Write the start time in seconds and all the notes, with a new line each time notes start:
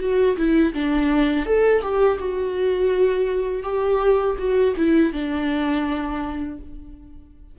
0.00 F#4
0.37 E4
0.74 D4
1.46 A4
1.82 G4
2.19 F#4
3.63 G4
4.39 F#4
4.77 E4
5.13 D4